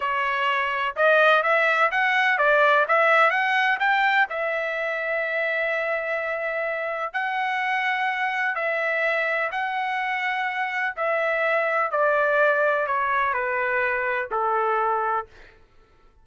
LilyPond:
\new Staff \with { instrumentName = "trumpet" } { \time 4/4 \tempo 4 = 126 cis''2 dis''4 e''4 | fis''4 d''4 e''4 fis''4 | g''4 e''2.~ | e''2. fis''4~ |
fis''2 e''2 | fis''2. e''4~ | e''4 d''2 cis''4 | b'2 a'2 | }